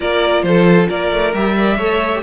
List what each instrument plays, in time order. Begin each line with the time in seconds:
0.00 cello A#3, viola F4, violin A#4 D5
0.42 cello F3, violin A4 C5
0.88 cello A#3, violin A#4 D5
1.11 cello A3
1.33 cello G3, viola G4, violin E5
1.56 viola A#4, violin D5
1.76 cello A3, viola A4, violin C#5
2.15 viola G4